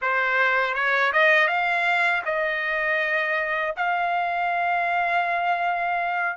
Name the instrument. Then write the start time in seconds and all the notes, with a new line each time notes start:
trumpet
0.01 C5
0.74 C#5
1.12 D#5
1.47 F5
2.25 D#5
3.76 F5